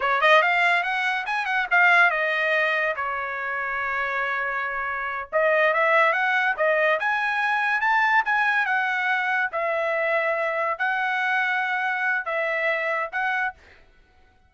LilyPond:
\new Staff \with { instrumentName = "trumpet" } { \time 4/4 \tempo 4 = 142 cis''8 dis''8 f''4 fis''4 gis''8 fis''8 | f''4 dis''2 cis''4~ | cis''1~ | cis''8 dis''4 e''4 fis''4 dis''8~ |
dis''8 gis''2 a''4 gis''8~ | gis''8 fis''2 e''4.~ | e''4. fis''2~ fis''8~ | fis''4 e''2 fis''4 | }